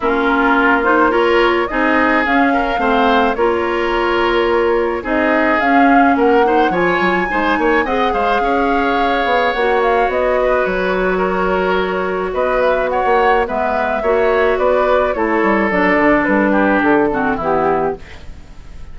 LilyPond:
<<
  \new Staff \with { instrumentName = "flute" } { \time 4/4 \tempo 4 = 107 ais'4. c''8 cis''4 dis''4 | f''2 cis''2~ | cis''4 dis''4 f''4 fis''4 | gis''2 fis''8 f''4.~ |
f''4 fis''8 f''8 dis''4 cis''4~ | cis''2 dis''8 e''8 fis''4 | e''2 d''4 cis''4 | d''4 b'4 a'4 g'4 | }
  \new Staff \with { instrumentName = "oboe" } { \time 4/4 f'2 ais'4 gis'4~ | gis'8 ais'8 c''4 ais'2~ | ais'4 gis'2 ais'8 c''8 | cis''4 c''8 cis''8 dis''8 c''8 cis''4~ |
cis''2~ cis''8 b'4. | ais'2 b'4 cis''4 | b'4 cis''4 b'4 a'4~ | a'4. g'4 fis'8 e'4 | }
  \new Staff \with { instrumentName = "clarinet" } { \time 4/4 cis'4. dis'8 f'4 dis'4 | cis'4 c'4 f'2~ | f'4 dis'4 cis'4. dis'8 | f'4 dis'4 gis'2~ |
gis'4 fis'2.~ | fis'1 | b4 fis'2 e'4 | d'2~ d'8 c'8 b4 | }
  \new Staff \with { instrumentName = "bassoon" } { \time 4/4 ais2. c'4 | cis'4 a4 ais2~ | ais4 c'4 cis'4 ais4 | f8 fis8 gis8 ais8 c'8 gis8 cis'4~ |
cis'8 b8 ais4 b4 fis4~ | fis2 b4~ b16 ais8. | gis4 ais4 b4 a8 g8 | fis8 d8 g4 d4 e4 | }
>>